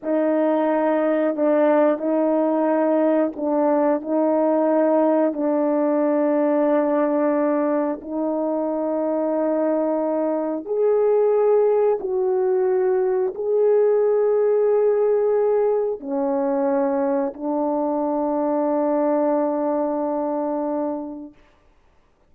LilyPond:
\new Staff \with { instrumentName = "horn" } { \time 4/4 \tempo 4 = 90 dis'2 d'4 dis'4~ | dis'4 d'4 dis'2 | d'1 | dis'1 |
gis'2 fis'2 | gis'1 | cis'2 d'2~ | d'1 | }